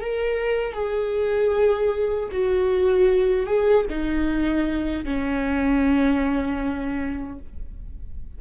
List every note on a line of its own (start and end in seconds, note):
0.00 0.73 A#4
0.73 2.29 G#4
2.31 3.46 F#4
3.46 3.85 G#4
3.89 5.04 D#4
5.04 7.38 C#4